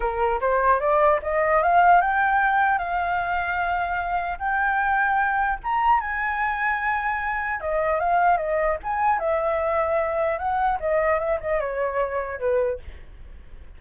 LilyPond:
\new Staff \with { instrumentName = "flute" } { \time 4/4 \tempo 4 = 150 ais'4 c''4 d''4 dis''4 | f''4 g''2 f''4~ | f''2. g''4~ | g''2 ais''4 gis''4~ |
gis''2. dis''4 | f''4 dis''4 gis''4 e''4~ | e''2 fis''4 dis''4 | e''8 dis''8 cis''2 b'4 | }